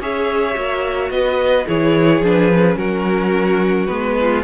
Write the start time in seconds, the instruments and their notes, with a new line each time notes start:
0.00 cello C#4, viola G#4, violin C#5 E5
0.54 cello A#3, viola F#4
1.10 cello B3, violin B4 D#5
1.67 cello E3, viola E4, violin G#4 C#5
2.20 cello F3, viola D4, violin B4
2.52 viola C#4
2.76 cello F#3, violin F#4 A#4
3.86 cello G#3, viola B3, violin B4
4.20 violin F4